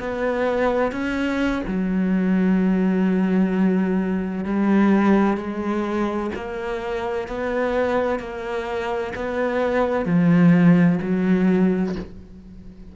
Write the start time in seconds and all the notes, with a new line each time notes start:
0.00 B3
0.92 C#4
1.67 F#3
4.45 G3
5.37 G#3
6.35 A#3
7.28 B3
8.20 A#3
9.16 B3
10.06 F3
11.02 F#3